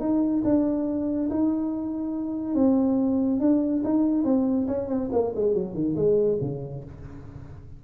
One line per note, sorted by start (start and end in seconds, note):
0.00 0.43 D#4
0.44 1.30 D4
1.30 2.55 D#4
2.55 3.40 C4
3.40 3.82 D4
3.84 4.24 D#4
4.24 4.67 C4
4.68 4.88 C#4
4.88 5.09 C4
5.12 5.33 A#3
5.36 5.55 G#3
5.55 5.74 F#3
5.74 5.95 D#3
5.96 6.38 G#3
6.41 6.84 C#3